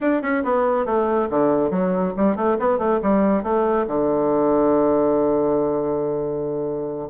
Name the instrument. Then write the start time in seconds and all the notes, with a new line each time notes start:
bassoon
0.01 D4
0.21 C#4
0.43 B3
0.85 A3
1.30 D3
1.70 F#3
2.16 G3
2.36 A3
2.59 B3
2.78 A3
3.02 G3
3.43 A3
3.87 D3